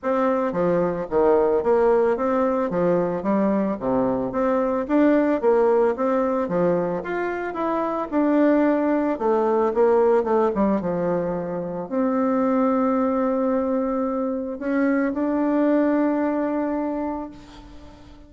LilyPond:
\new Staff \with { instrumentName = "bassoon" } { \time 4/4 \tempo 4 = 111 c'4 f4 dis4 ais4 | c'4 f4 g4 c4 | c'4 d'4 ais4 c'4 | f4 f'4 e'4 d'4~ |
d'4 a4 ais4 a8 g8 | f2 c'2~ | c'2. cis'4 | d'1 | }